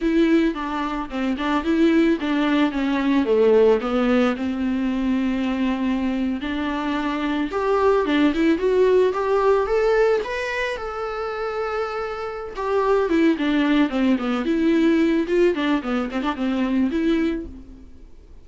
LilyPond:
\new Staff \with { instrumentName = "viola" } { \time 4/4 \tempo 4 = 110 e'4 d'4 c'8 d'8 e'4 | d'4 cis'4 a4 b4 | c'2.~ c'8. d'16~ | d'4.~ d'16 g'4 d'8 e'8 fis'16~ |
fis'8. g'4 a'4 b'4 a'16~ | a'2. g'4 | e'8 d'4 c'8 b8 e'4. | f'8 d'8 b8 c'16 d'16 c'4 e'4 | }